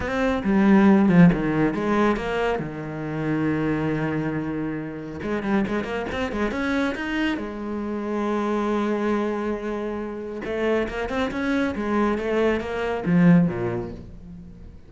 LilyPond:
\new Staff \with { instrumentName = "cello" } { \time 4/4 \tempo 4 = 138 c'4 g4. f8 dis4 | gis4 ais4 dis2~ | dis1 | gis8 g8 gis8 ais8 c'8 gis8 cis'4 |
dis'4 gis2.~ | gis1 | a4 ais8 c'8 cis'4 gis4 | a4 ais4 f4 ais,4 | }